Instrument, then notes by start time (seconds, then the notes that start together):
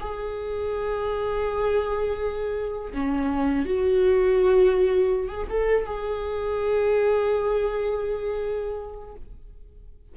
viola
0.00 G#4
2.93 C#4
3.65 F#4
5.28 G#4
5.49 A4
5.85 G#4